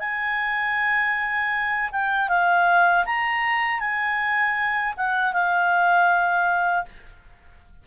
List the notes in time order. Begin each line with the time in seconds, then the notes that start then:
0.00 G#5
1.92 G5
2.29 F5
3.06 A#5
3.80 G#5
4.97 F#5
5.33 F5